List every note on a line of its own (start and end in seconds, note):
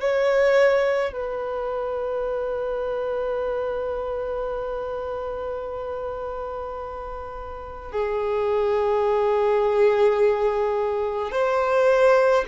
0.00 1.13 C#5
1.13 7.92 B4
7.92 11.31 G#4
11.31 12.44 C5